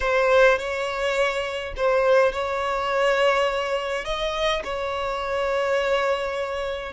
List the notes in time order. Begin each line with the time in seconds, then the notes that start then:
0.00 C5
0.58 C#5
1.76 C5
2.32 C#5
4.05 D#5
4.63 C#5